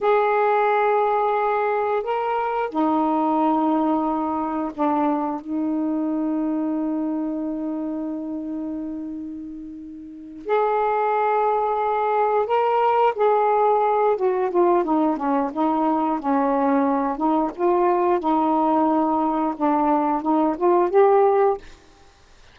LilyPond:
\new Staff \with { instrumentName = "saxophone" } { \time 4/4 \tempo 4 = 89 gis'2. ais'4 | dis'2. d'4 | dis'1~ | dis'2.~ dis'8 gis'8~ |
gis'2~ gis'8 ais'4 gis'8~ | gis'4 fis'8 f'8 dis'8 cis'8 dis'4 | cis'4. dis'8 f'4 dis'4~ | dis'4 d'4 dis'8 f'8 g'4 | }